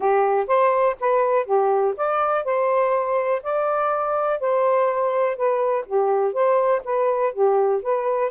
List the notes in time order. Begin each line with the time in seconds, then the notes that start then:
0.00 G4
0.47 C5
1.00 B4
1.45 G4
1.96 D5
2.44 C5
3.42 D5
4.39 C5
5.36 B4
5.86 G4
6.33 C5
6.84 B4
7.33 G4
7.82 B4